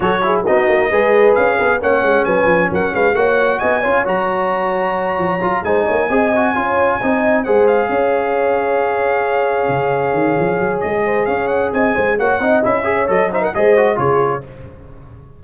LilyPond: <<
  \new Staff \with { instrumentName = "trumpet" } { \time 4/4 \tempo 4 = 133 cis''4 dis''2 f''4 | fis''4 gis''4 fis''8 f''8 fis''4 | gis''4 ais''2.~ | ais''8 gis''2.~ gis''8~ |
gis''8 fis''8 f''2.~ | f''1 | dis''4 f''8 fis''8 gis''4 fis''4 | e''4 dis''8 e''16 fis''16 dis''4 cis''4 | }
  \new Staff \with { instrumentName = "horn" } { \time 4/4 a'8 gis'8 fis'4 b'4. ais'16 gis'16 | cis''4 b'4 ais'8 b'8 cis''4 | dis''8 cis''2.~ cis''8~ | cis''8 c''8 cis''8 dis''4 cis''4 dis''8~ |
dis''8 c''4 cis''2~ cis''8~ | cis''1~ | cis''8 c''8 cis''4 dis''8 c''8 cis''8 dis''8~ | dis''8 cis''4 c''16 ais'16 c''4 gis'4 | }
  \new Staff \with { instrumentName = "trombone" } { \time 4/4 fis'8 e'8 dis'4 gis'2 | cis'2. fis'4~ | fis'8 f'8 fis'2. | f'8 dis'4 gis'8 fis'8 f'4 dis'8~ |
dis'8 gis'2.~ gis'8~ | gis'1~ | gis'2. fis'8 dis'8 | e'8 gis'8 a'8 dis'8 gis'8 fis'8 f'4 | }
  \new Staff \with { instrumentName = "tuba" } { \time 4/4 fis4 b8 ais8 gis4 cis'8 b8 | ais8 gis8 fis8 f8 fis8 gis8 ais4 | b8 cis'8 fis2~ fis8 f8 | fis8 gis8 ais8 c'4 cis'4 c'8~ |
c'8 gis4 cis'2~ cis'8~ | cis'4. cis4 dis8 f8 fis8 | gis4 cis'4 c'8 gis8 ais8 c'8 | cis'4 fis4 gis4 cis4 | }
>>